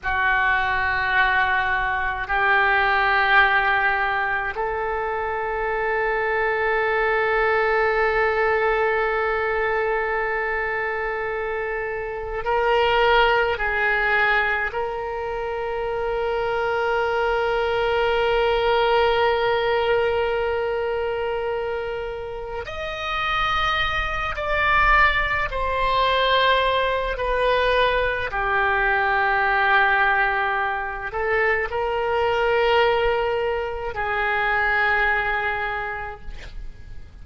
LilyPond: \new Staff \with { instrumentName = "oboe" } { \time 4/4 \tempo 4 = 53 fis'2 g'2 | a'1~ | a'2. ais'4 | gis'4 ais'2.~ |
ais'1 | dis''4. d''4 c''4. | b'4 g'2~ g'8 a'8 | ais'2 gis'2 | }